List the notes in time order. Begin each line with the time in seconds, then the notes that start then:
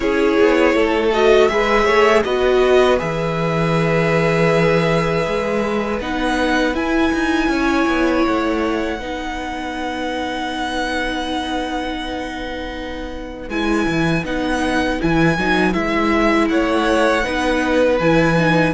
0.00 C#4 E4 G#4 C#5
0.40 B3
0.74 A3 A4
1.12 F#4 D#5
1.47 G#3 G#4 B4 E5
1.84 A3 C#5
2.24 B3 F#4 B4 D#5
2.98 E3 G#4 E5
5.26 G#3
6.00 B3 D#4 F#5
6.74 E4 G#5
7.13 D#4
7.48 C#4 C#5
7.87 B3
8.26 A3 F#5
8.99 B3 D#4 B4
13.49 G#3 E4 G#5
13.86 E3
14.24 B3 D#4 F#5
14.99 E3 E4 G#5
15.37 F#3 D#4
15.72 G#3 E4 E5
16.48 A3 C#5 F#5
17.23 B3 D#4 B4
17.99 E3 E4 G#5
18.37 D#4